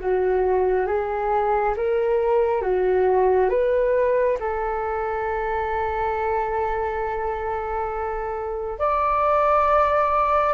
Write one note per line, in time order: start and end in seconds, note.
0.00 0.87 F#4
0.87 1.75 G#4
1.77 2.62 A#4
2.62 3.50 F#4
3.50 4.38 B4
4.40 8.80 A4
8.80 10.54 D5